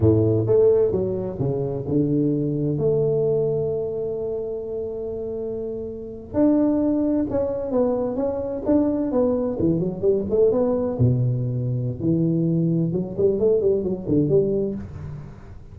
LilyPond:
\new Staff \with { instrumentName = "tuba" } { \time 4/4 \tempo 4 = 130 a,4 a4 fis4 cis4 | d2 a2~ | a1~ | a4.~ a16 d'2 cis'16~ |
cis'8. b4 cis'4 d'4 b16~ | b8. e8 fis8 g8 a8 b4 b,16~ | b,2 e2 | fis8 g8 a8 g8 fis8 d8 g4 | }